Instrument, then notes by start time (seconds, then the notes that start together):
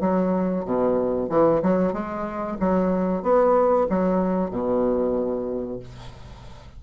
bassoon
0.00 F#3
0.65 B2
1.29 E3
1.62 F#3
1.93 G#3
2.59 F#3
3.22 B3
3.89 F#3
4.50 B2